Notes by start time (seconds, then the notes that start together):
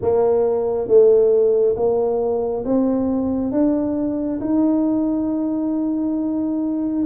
0.01 A#3
0.87 A3
1.76 A#3
2.65 C4
3.51 D4
4.40 D#4